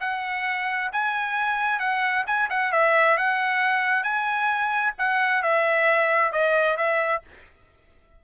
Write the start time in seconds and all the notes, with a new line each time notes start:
0.00 F#5
0.92 G#5
1.79 F#5
2.26 G#5
2.49 F#5
2.72 E5
3.17 F#5
4.03 G#5
4.98 F#5
5.42 E5
6.32 D#5
6.77 E5